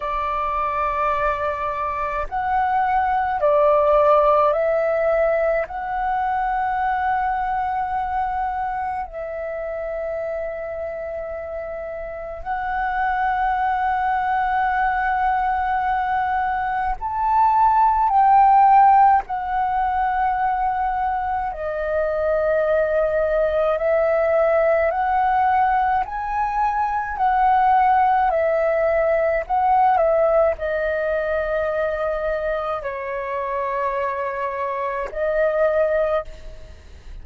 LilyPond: \new Staff \with { instrumentName = "flute" } { \time 4/4 \tempo 4 = 53 d''2 fis''4 d''4 | e''4 fis''2. | e''2. fis''4~ | fis''2. a''4 |
g''4 fis''2 dis''4~ | dis''4 e''4 fis''4 gis''4 | fis''4 e''4 fis''8 e''8 dis''4~ | dis''4 cis''2 dis''4 | }